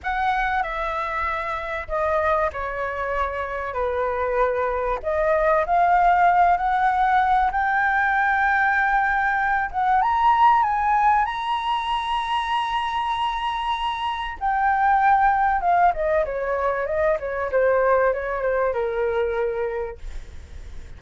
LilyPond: \new Staff \with { instrumentName = "flute" } { \time 4/4 \tempo 4 = 96 fis''4 e''2 dis''4 | cis''2 b'2 | dis''4 f''4. fis''4. | g''2.~ g''8 fis''8 |
ais''4 gis''4 ais''2~ | ais''2. g''4~ | g''4 f''8 dis''8 cis''4 dis''8 cis''8 | c''4 cis''8 c''8 ais'2 | }